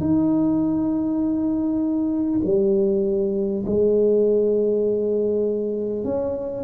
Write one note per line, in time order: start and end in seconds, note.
0.00 2.40 D#4
2.44 3.64 G3
3.66 6.04 G#3
6.04 6.63 C#4